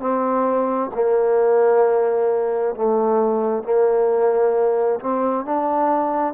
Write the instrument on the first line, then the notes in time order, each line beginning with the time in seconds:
trombone
0.00 C4
0.95 A#3
2.75 A3
3.63 A#3
5.00 C4
5.45 D4